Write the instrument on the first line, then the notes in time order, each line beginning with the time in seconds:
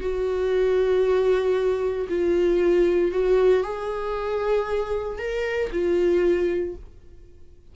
viola
0.00 F#4
2.09 F4
3.12 F#4
3.63 G#4
5.18 A#4
5.72 F4